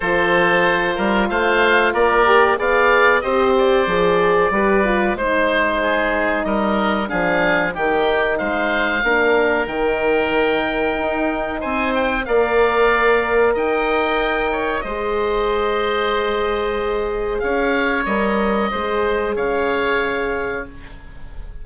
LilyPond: <<
  \new Staff \with { instrumentName = "oboe" } { \time 4/4 \tempo 4 = 93 c''2 f''4 d''4 | f''4 dis''8 d''2~ d''8 | c''2 dis''4 f''4 | g''4 f''2 g''4~ |
g''2 gis''8 g''8 f''4~ | f''4 g''2 dis''4~ | dis''2. f''4 | dis''2 f''2 | }
  \new Staff \with { instrumentName = "oboe" } { \time 4/4 a'4. ais'8 c''4 ais'4 | d''4 c''2 b'4 | c''4 gis'4 ais'4 gis'4 | g'4 c''4 ais'2~ |
ais'2 c''4 d''4~ | d''4 dis''4. cis''8 c''4~ | c''2. cis''4~ | cis''4 c''4 cis''2 | }
  \new Staff \with { instrumentName = "horn" } { \time 4/4 f'2.~ f'8 g'8 | gis'4 g'4 gis'4 g'8 f'8 | dis'2. d'4 | dis'2 d'4 dis'4~ |
dis'2. ais'4~ | ais'2. gis'4~ | gis'1 | ais'4 gis'2. | }
  \new Staff \with { instrumentName = "bassoon" } { \time 4/4 f4. g8 a4 ais4 | b4 c'4 f4 g4 | gis2 g4 f4 | dis4 gis4 ais4 dis4~ |
dis4 dis'4 c'4 ais4~ | ais4 dis'2 gis4~ | gis2. cis'4 | g4 gis4 cis2 | }
>>